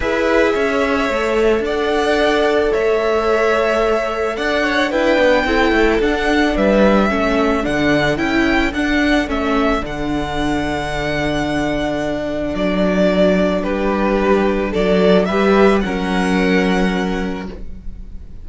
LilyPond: <<
  \new Staff \with { instrumentName = "violin" } { \time 4/4 \tempo 4 = 110 e''2. fis''4~ | fis''4 e''2. | fis''4 g''2 fis''4 | e''2 fis''4 g''4 |
fis''4 e''4 fis''2~ | fis''2. d''4~ | d''4 b'2 d''4 | e''4 fis''2. | }
  \new Staff \with { instrumentName = "violin" } { \time 4/4 b'4 cis''2 d''4~ | d''4 cis''2. | d''8 cis''8 b'4 a'2 | b'4 a'2.~ |
a'1~ | a'1~ | a'4 g'2 a'4 | b'4 ais'2. | }
  \new Staff \with { instrumentName = "viola" } { \time 4/4 gis'2 a'2~ | a'1~ | a'4 d'4 e'4 d'4~ | d'4 cis'4 d'4 e'4 |
d'4 cis'4 d'2~ | d'1~ | d'1 | g'4 cis'2. | }
  \new Staff \with { instrumentName = "cello" } { \time 4/4 e'4 cis'4 a4 d'4~ | d'4 a2. | d'4 e'8 b8 c'8 a8 d'4 | g4 a4 d4 cis'4 |
d'4 a4 d2~ | d2. fis4~ | fis4 g2 fis4 | g4 fis2. | }
>>